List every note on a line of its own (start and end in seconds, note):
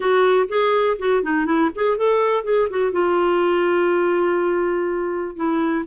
0.00 0.48 F#4
0.48 0.97 G#4
0.98 1.23 F#4
1.23 1.45 D#4
1.45 1.69 E4
1.75 1.97 G#4
1.97 2.43 A4
2.43 2.68 G#4
2.70 2.92 F#4
2.92 5.35 F4
5.36 5.84 E4